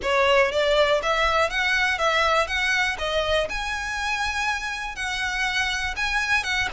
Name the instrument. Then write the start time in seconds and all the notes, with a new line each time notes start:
violin
0.02 C#5
0.51 D5
1.02 E5
1.49 F#5
1.98 E5
2.47 F#5
2.98 D#5
3.49 G#5
4.95 F#5
5.96 G#5
6.43 F#5